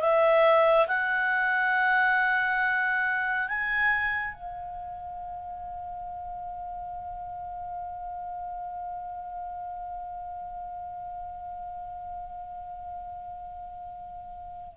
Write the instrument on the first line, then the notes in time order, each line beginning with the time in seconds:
clarinet
0.00 E5
0.88 F#5
3.48 G#5
4.34 F5